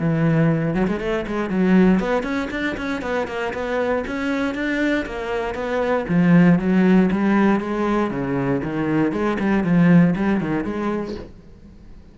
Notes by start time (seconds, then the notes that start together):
0.00 E3
0.75 F#3
0.88 G#3
1.00 A3
1.28 G#3
1.50 F#3
2.00 B3
2.23 C#4
2.51 D4
2.78 C#4
3.02 B3
3.28 A#3
3.54 B3
4.08 C#4
4.55 D4
5.06 A#3
5.55 B3
6.09 F3
6.59 F#3
7.12 G3
7.61 G#3
8.11 C#3
8.64 D#3
9.12 G#3
9.40 G3
9.64 F3
10.16 G3
10.41 D#3
10.65 G#3